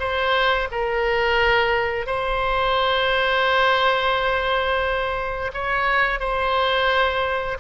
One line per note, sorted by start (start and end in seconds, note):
0.00 0.69 C5
0.72 2.07 A#4
2.07 5.52 C5
5.54 6.20 C#5
6.20 7.58 C5